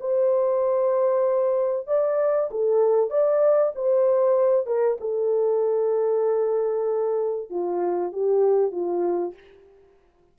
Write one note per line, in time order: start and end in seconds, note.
0.00 1.87 C5
1.87 2.50 D5
2.51 3.10 A4
3.10 3.72 D5
3.75 4.66 C5
4.66 4.98 A#4
5.01 7.50 A4
7.50 8.12 F4
8.12 8.72 G4
8.72 9.34 F4